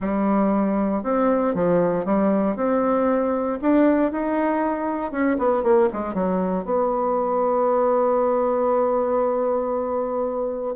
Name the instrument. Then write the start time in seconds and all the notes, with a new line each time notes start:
bassoon
0.00 G3
1.03 C4
1.54 F3
2.05 G3
2.56 C4
3.61 D4
4.11 D#4
5.11 C#4
5.38 B3
5.63 A#3
5.92 G#3
6.14 F#3
6.65 B3